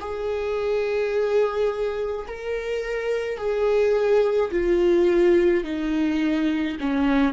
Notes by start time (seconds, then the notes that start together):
0.00 G#4
2.27 A#4
3.38 G#4
4.51 F4
5.64 D#4
6.80 C#4